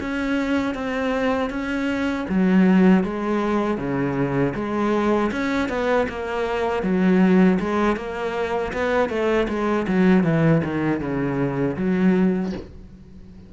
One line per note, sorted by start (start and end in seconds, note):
0.00 0.74 C#4
0.74 1.49 C4
1.49 2.25 C#4
2.29 3.03 F#3
3.03 3.77 G#3
3.77 4.53 C#3
4.55 5.31 G#3
5.31 5.69 C#4
5.69 6.07 B3
6.08 6.83 A#3
6.83 7.59 F#3
7.59 7.96 G#3
7.96 8.72 A#3
8.72 9.09 B3
9.09 9.47 A3
9.48 9.86 G#3
9.87 10.23 F#3
10.23 10.61 E3
10.64 11.00 D#3
11.00 11.76 C#3
11.76 12.52 F#3